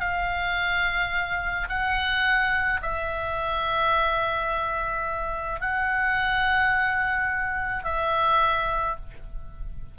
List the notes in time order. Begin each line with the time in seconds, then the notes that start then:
0.00 F5
1.69 F#5
2.82 E5
5.60 F#5
7.84 E5